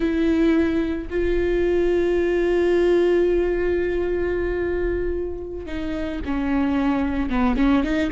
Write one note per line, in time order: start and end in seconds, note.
0.00 1.07 E4
1.10 5.66 F4
5.66 6.20 D#4
6.25 7.29 C#4
7.29 7.56 B3
7.56 7.83 C#4
7.83 8.10 D#4